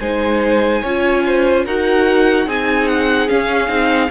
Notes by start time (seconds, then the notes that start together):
0.00 G#3 D#4 C5 G#5
0.82 C#4 F4 C#5
1.26 C5
1.66 D#4 F#4 A#4 F#5
2.46 C4 D#4 G#4 G#5
2.88 F#5
3.29 C#4 F5
3.68 C4 D#4